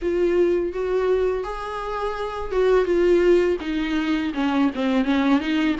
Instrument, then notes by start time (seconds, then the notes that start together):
viola
0.02 F4
0.72 F#4
1.43 G#4
2.51 F#4
2.85 F4
3.60 D#4
4.34 C#4
4.74 C4
5.04 C#4
5.40 D#4